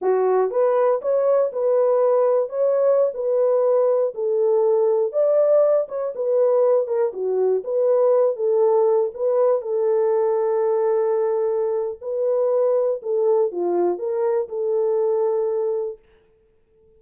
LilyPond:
\new Staff \with { instrumentName = "horn" } { \time 4/4 \tempo 4 = 120 fis'4 b'4 cis''4 b'4~ | b'4 cis''4~ cis''16 b'4.~ b'16~ | b'16 a'2 d''4. cis''16~ | cis''16 b'4. ais'8 fis'4 b'8.~ |
b'8. a'4. b'4 a'8.~ | a'1 | b'2 a'4 f'4 | ais'4 a'2. | }